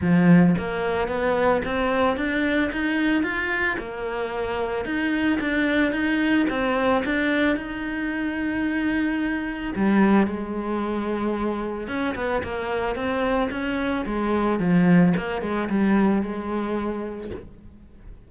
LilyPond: \new Staff \with { instrumentName = "cello" } { \time 4/4 \tempo 4 = 111 f4 ais4 b4 c'4 | d'4 dis'4 f'4 ais4~ | ais4 dis'4 d'4 dis'4 | c'4 d'4 dis'2~ |
dis'2 g4 gis4~ | gis2 cis'8 b8 ais4 | c'4 cis'4 gis4 f4 | ais8 gis8 g4 gis2 | }